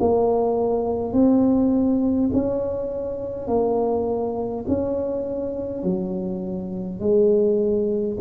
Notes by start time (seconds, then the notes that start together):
0.00 A#3
1.13 C4
2.33 C#4
3.48 A#3
4.68 C#4
5.83 F#3
7.00 G#3